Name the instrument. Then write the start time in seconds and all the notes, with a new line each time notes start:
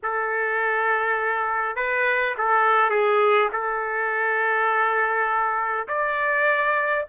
trumpet
0.02 A4
1.76 B4
2.37 A4
2.90 G#4
3.52 A4
5.87 D5